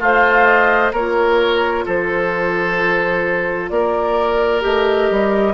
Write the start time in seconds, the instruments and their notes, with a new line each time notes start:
0.00 bassoon A3, oboe F4, clarinet C5, flute F5
0.46 flute D#5
0.92 bassoon A#3, clarinet F4, oboe A#4, flute C#5
1.86 bassoon F3, oboe A4, flute C5
3.69 bassoon A#3, oboe A#4, flute D5
4.62 bassoon A3, clarinet G4, flute D#5
5.11 bassoon G3